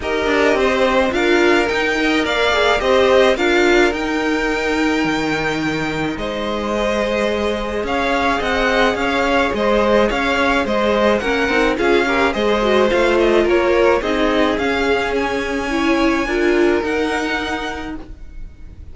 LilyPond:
<<
  \new Staff \with { instrumentName = "violin" } { \time 4/4 \tempo 4 = 107 dis''2 f''4 g''4 | f''4 dis''4 f''4 g''4~ | g''2. dis''4~ | dis''2 f''4 fis''4 |
f''4 dis''4 f''4 dis''4 | fis''4 f''4 dis''4 f''8 dis''8 | cis''4 dis''4 f''4 gis''4~ | gis''2 fis''2 | }
  \new Staff \with { instrumentName = "violin" } { \time 4/4 ais'4 c''4 ais'4. dis''8 | d''4 c''4 ais'2~ | ais'2. c''4~ | c''2 cis''4 dis''4 |
cis''4 c''4 cis''4 c''4 | ais'4 gis'8 ais'8 c''2 | ais'4 gis'2. | cis''4 ais'2. | }
  \new Staff \with { instrumentName = "viola" } { \time 4/4 g'2 f'4 dis'8 ais'8~ | ais'8 gis'8 g'4 f'4 dis'4~ | dis'1 | gis'1~ |
gis'1 | cis'8 dis'8 f'8 g'8 gis'8 fis'8 f'4~ | f'4 dis'4 cis'2 | e'4 f'4 dis'2 | }
  \new Staff \with { instrumentName = "cello" } { \time 4/4 dis'8 d'8 c'4 d'4 dis'4 | ais4 c'4 d'4 dis'4~ | dis'4 dis2 gis4~ | gis2 cis'4 c'4 |
cis'4 gis4 cis'4 gis4 | ais8 c'8 cis'4 gis4 a4 | ais4 c'4 cis'2~ | cis'4 d'4 dis'2 | }
>>